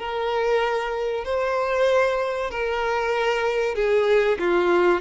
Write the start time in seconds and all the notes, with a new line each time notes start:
0.00 A#4
1.25 C5
2.51 A#4
3.75 G#4
4.40 F4